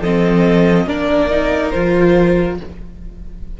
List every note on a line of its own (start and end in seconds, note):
0.00 0.86 F3
0.00 0.87 C4
0.00 0.86 A4
0.00 0.88 D#5
0.86 1.71 A#3
0.86 1.30 D4
0.86 2.57 A#4
0.86 1.70 D5
1.30 1.73 D#4
1.70 2.60 F3
1.70 2.59 F4
1.70 2.56 C5